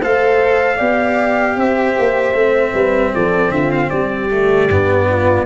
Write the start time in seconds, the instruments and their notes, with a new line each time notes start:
0.00 tuba A3, cello A4, horn C5, trumpet F5
0.76 tuba B3, cello G4, horn D5
1.56 tuba C4, horn C5, trumpet E5
1.98 tuba A#3
2.34 tuba A3, cello C4
2.73 tuba G3, horn B4
3.14 tuba F3, horn A4, trumpet D5
3.50 tuba D3, horn F4, trumpet E5
3.71 trumpet F5
3.89 tuba G3, horn G4, trumpet D5
4.30 cello A3
4.69 tuba G2, cello B3
5.09 horn F4